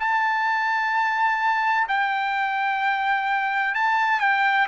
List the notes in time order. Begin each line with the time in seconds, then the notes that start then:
0.00 A5
1.88 G5
3.75 A5
4.20 G5